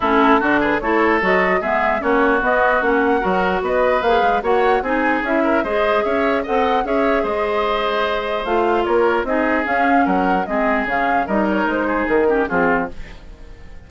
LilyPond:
<<
  \new Staff \with { instrumentName = "flute" } { \time 4/4 \tempo 4 = 149 a'4. b'8 cis''4 dis''4 | e''4 cis''4 dis''4 fis''4~ | fis''4 dis''4 f''4 fis''4 | gis''4 e''4 dis''4 e''4 |
fis''4 e''4 dis''2~ | dis''4 f''4 cis''4 dis''4 | f''4 fis''4 dis''4 f''4 | dis''8 cis''8 c''4 ais'4 gis'4 | }
  \new Staff \with { instrumentName = "oboe" } { \time 4/4 e'4 fis'8 gis'8 a'2 | gis'4 fis'2. | ais'4 b'2 cis''4 | gis'4. ais'8 c''4 cis''4 |
dis''4 cis''4 c''2~ | c''2 ais'4 gis'4~ | gis'4 ais'4 gis'2 | ais'4. gis'4 g'8 f'4 | }
  \new Staff \with { instrumentName = "clarinet" } { \time 4/4 cis'4 d'4 e'4 fis'4 | b4 cis'4 b4 cis'4 | fis'2 gis'4 fis'4 | dis'4 e'4 gis'2 |
a'4 gis'2.~ | gis'4 f'2 dis'4 | cis'2 c'4 cis'4 | dis'2~ dis'8 cis'8 c'4 | }
  \new Staff \with { instrumentName = "bassoon" } { \time 4/4 a4 d4 a4 fis4 | gis4 ais4 b4 ais4 | fis4 b4 ais8 gis8 ais4 | c'4 cis'4 gis4 cis'4 |
c'4 cis'4 gis2~ | gis4 a4 ais4 c'4 | cis'4 fis4 gis4 cis4 | g4 gis4 dis4 f4 | }
>>